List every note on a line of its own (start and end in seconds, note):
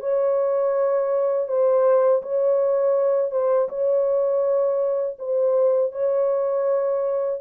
0.00 1.48 C#5
1.48 2.22 C5
2.22 3.31 C#5
3.31 3.68 C5
3.69 5.17 C#5
5.19 5.92 C5
5.92 7.40 C#5